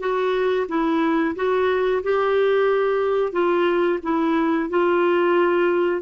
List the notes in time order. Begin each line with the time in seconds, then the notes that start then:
0.00 F#4
0.68 E4
1.35 F#4
2.03 G4
3.32 F4
4.02 E4
4.69 F4